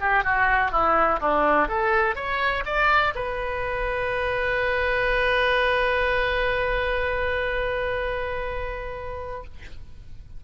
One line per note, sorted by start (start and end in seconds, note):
0.00 0.24 G4
0.24 0.71 F#4
0.71 1.20 E4
1.20 1.68 D4
1.68 2.15 A4
2.15 2.64 C#5
2.65 3.14 D5
3.15 9.44 B4